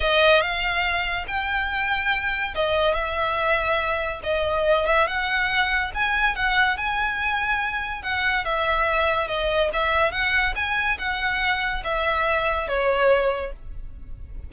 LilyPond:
\new Staff \with { instrumentName = "violin" } { \time 4/4 \tempo 4 = 142 dis''4 f''2 g''4~ | g''2 dis''4 e''4~ | e''2 dis''4. e''8 | fis''2 gis''4 fis''4 |
gis''2. fis''4 | e''2 dis''4 e''4 | fis''4 gis''4 fis''2 | e''2 cis''2 | }